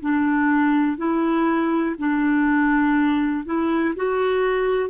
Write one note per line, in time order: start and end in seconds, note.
0.00 0.97 D4
0.97 1.95 E4
1.98 3.45 D4
3.45 3.94 E4
3.95 4.89 F#4